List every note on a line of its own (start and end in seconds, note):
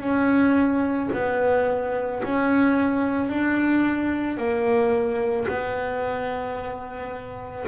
0.00 1.09 C#4
1.13 2.22 B3
2.24 3.29 C#4
3.29 4.37 D4
4.37 5.46 A#3
5.47 7.66 B3